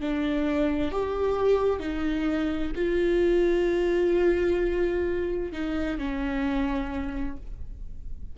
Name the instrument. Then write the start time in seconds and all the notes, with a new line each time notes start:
viola
0.00 D4
0.91 G4
1.80 D#4
2.75 F4
5.52 D#4
5.98 C#4